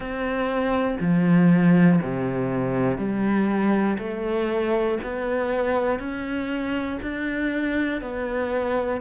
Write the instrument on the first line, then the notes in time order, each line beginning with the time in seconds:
cello
0.00 C4
1.00 F3
2.02 C3
2.97 G3
3.98 A3
5.03 B3
5.99 C#4
7.01 D4
8.00 B3